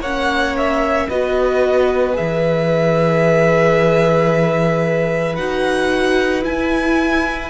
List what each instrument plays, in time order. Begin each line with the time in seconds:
0.00 cello A#3, viola C#4, violin C#5 F#5
0.57 violin E5
1.09 cello B3, viola F#4, violin B4 D#5
2.13 cello E3, viola G#4, violin E5
5.36 cello D#4, viola F#4, violin F#5
6.43 viola E4, cello E4, violin G#5